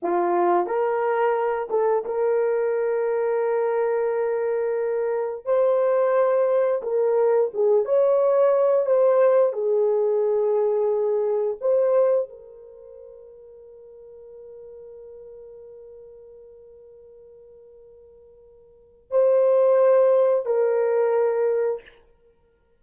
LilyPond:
\new Staff \with { instrumentName = "horn" } { \time 4/4 \tempo 4 = 88 f'4 ais'4. a'8 ais'4~ | ais'1 | c''2 ais'4 gis'8 cis''8~ | cis''4 c''4 gis'2~ |
gis'4 c''4 ais'2~ | ais'1~ | ais'1 | c''2 ais'2 | }